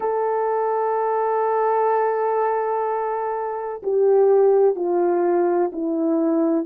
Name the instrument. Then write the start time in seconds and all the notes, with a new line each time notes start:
horn
0.00 A4
3.82 G4
4.75 F4
5.72 E4